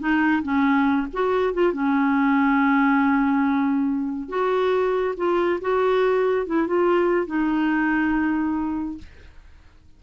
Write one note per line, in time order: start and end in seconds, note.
0.00 0.43 D#4
0.43 1.07 C#4
1.14 1.54 F#4
1.54 1.73 F4
1.73 4.29 C#4
4.29 5.15 F#4
5.17 5.60 F4
5.61 6.47 F#4
6.47 6.67 E4
6.67 7.27 F4
7.27 8.98 D#4